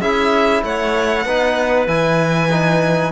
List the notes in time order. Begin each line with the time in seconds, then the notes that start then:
0.00 C#4 E4 G#4 E5
0.63 A3 C#5 F#5
1.26 B3 D#4 B4
1.87 E3 E4 G#5
2.51 D#4